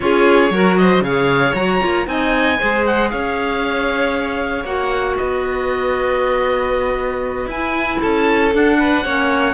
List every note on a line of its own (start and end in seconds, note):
0.00 0.50 C#4
0.00 0.51 F4
0.00 0.52 G#4
0.00 0.77 C#5
0.50 1.00 F#3
0.50 1.03 F#4
0.50 0.78 A#4
0.77 1.03 C5
0.77 1.03 D#5
1.00 1.52 C#3
1.00 1.55 G#4
1.00 2.06 C#5
1.00 1.55 F5
1.54 1.80 F#3
1.54 1.80 F#4
1.54 2.07 A#5
1.80 2.07 A#3
1.80 2.05 F4
2.05 2.58 C4
2.05 2.57 D#4
2.05 2.59 D#5
2.05 2.86 G#5
2.59 3.12 G#3
2.59 4.65 G#4
2.59 3.10 C5
2.86 3.09 F#5
3.09 4.64 C#4
3.09 5.16 C#5
3.09 4.65 F5
4.64 5.15 A#3
4.64 7.50 F#4
4.64 5.16 F#5
5.16 7.46 B3
5.16 8.00 B4
5.16 7.50 D#5
7.46 7.97 E4
7.46 8.01 G#5
7.52 8.52 E4
8.00 8.54 C#4
8.00 8.77 A4
8.00 8.53 A5
8.52 9.03 D4
8.52 9.05 D4
8.52 9.54 F#5
8.78 9.04 B4
9.04 9.54 A#3
9.04 9.54 C#4
9.04 9.54 C#5